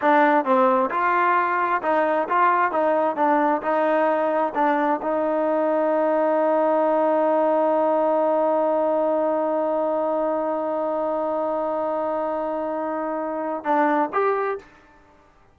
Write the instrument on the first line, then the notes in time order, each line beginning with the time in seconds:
trombone
0.01 D4
0.44 C4
0.90 F4
1.82 D#4
2.29 F4
2.71 D#4
3.16 D4
3.62 D#4
4.55 D4
5.02 D#4
13.64 D4
14.13 G4